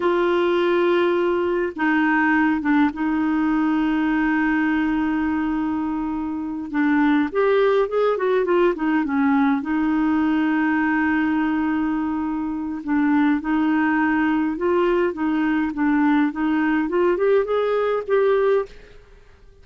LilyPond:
\new Staff \with { instrumentName = "clarinet" } { \time 4/4 \tempo 4 = 103 f'2. dis'4~ | dis'8 d'8 dis'2.~ | dis'2.~ dis'8 d'8~ | d'8 g'4 gis'8 fis'8 f'8 dis'8 cis'8~ |
cis'8 dis'2.~ dis'8~ | dis'2 d'4 dis'4~ | dis'4 f'4 dis'4 d'4 | dis'4 f'8 g'8 gis'4 g'4 | }